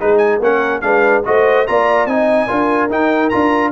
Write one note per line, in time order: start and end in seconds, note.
0.00 0.40 G#3
0.00 0.41 D#4
0.00 0.42 G#4
0.00 0.18 B4
0.18 0.39 G#5
0.40 0.81 A#3
0.40 0.82 C#4
0.40 0.85 A#4
0.40 0.81 F#5
0.81 1.24 G#3
0.81 1.24 D4
0.81 1.27 B4
0.81 1.23 F5
1.25 1.68 A3
1.25 1.67 F#4
1.25 1.69 C5
1.25 1.67 D#5
1.67 2.06 A#3
1.67 2.09 F4
1.67 2.10 D5
1.67 2.07 A#5
2.06 2.47 C4
2.06 2.48 D#4
2.06 2.48 D#5
2.06 2.90 G#5
2.48 2.91 D4
2.48 2.90 F4
2.48 3.72 A#4
2.90 3.32 D#4
2.90 3.30 G5
3.30 3.72 D4
3.30 3.72 F4
3.30 3.71 A#5